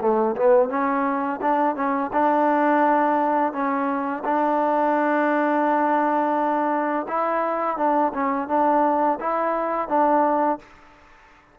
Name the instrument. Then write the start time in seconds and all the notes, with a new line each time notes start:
trombone
0.00 A3
0.36 B3
0.69 C#4
1.41 D4
1.75 C#4
2.12 D4
3.52 C#4
4.24 D4
7.07 E4
7.76 D4
8.13 C#4
8.48 D4
9.20 E4
9.88 D4